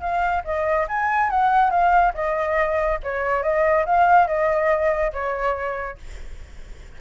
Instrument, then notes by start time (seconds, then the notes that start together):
flute
0.00 F5
0.44 D#5
0.88 G#5
1.30 F#5
1.70 F5
2.14 D#5
3.03 C#5
3.43 D#5
3.85 F5
4.27 D#5
5.13 C#5